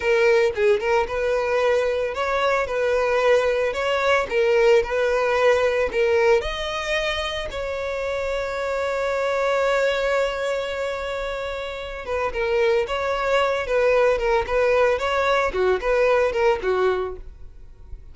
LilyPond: \new Staff \with { instrumentName = "violin" } { \time 4/4 \tempo 4 = 112 ais'4 gis'8 ais'8 b'2 | cis''4 b'2 cis''4 | ais'4 b'2 ais'4 | dis''2 cis''2~ |
cis''1~ | cis''2~ cis''8 b'8 ais'4 | cis''4. b'4 ais'8 b'4 | cis''4 fis'8 b'4 ais'8 fis'4 | }